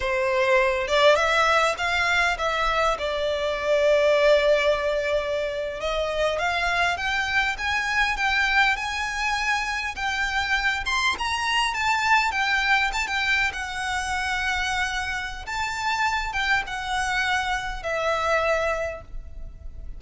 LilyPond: \new Staff \with { instrumentName = "violin" } { \time 4/4 \tempo 4 = 101 c''4. d''8 e''4 f''4 | e''4 d''2.~ | d''4.~ d''16 dis''4 f''4 g''16~ | g''8. gis''4 g''4 gis''4~ gis''16~ |
gis''8. g''4. c'''8 ais''4 a''16~ | a''8. g''4 a''16 g''8. fis''4~ fis''16~ | fis''2 a''4. g''8 | fis''2 e''2 | }